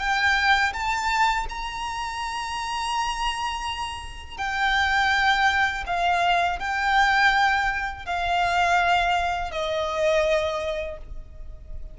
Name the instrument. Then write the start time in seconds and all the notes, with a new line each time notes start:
violin
0.00 G5
0.74 A5
1.50 A#5
4.38 G5
5.87 F5
6.60 G5
8.06 F5
9.52 D#5